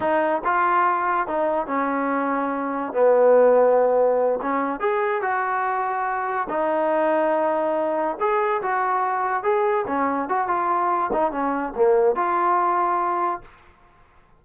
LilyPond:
\new Staff \with { instrumentName = "trombone" } { \time 4/4 \tempo 4 = 143 dis'4 f'2 dis'4 | cis'2. b4~ | b2~ b8 cis'4 gis'8~ | gis'8 fis'2. dis'8~ |
dis'2.~ dis'8 gis'8~ | gis'8 fis'2 gis'4 cis'8~ | cis'8 fis'8 f'4. dis'8 cis'4 | ais4 f'2. | }